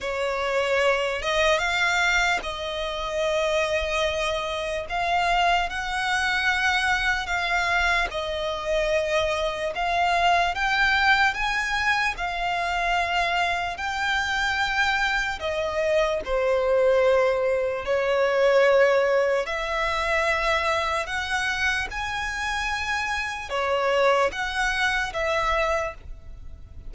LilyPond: \new Staff \with { instrumentName = "violin" } { \time 4/4 \tempo 4 = 74 cis''4. dis''8 f''4 dis''4~ | dis''2 f''4 fis''4~ | fis''4 f''4 dis''2 | f''4 g''4 gis''4 f''4~ |
f''4 g''2 dis''4 | c''2 cis''2 | e''2 fis''4 gis''4~ | gis''4 cis''4 fis''4 e''4 | }